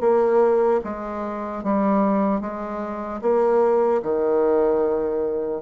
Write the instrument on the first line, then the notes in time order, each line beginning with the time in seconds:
bassoon
0.00 A#3
0.84 G#3
1.63 G3
2.41 G#3
3.21 A#3
4.02 D#3